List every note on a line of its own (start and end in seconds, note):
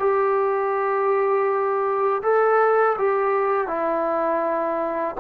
0.00 2.22 G4
2.23 2.97 A4
2.99 3.68 G4
3.68 5.16 E4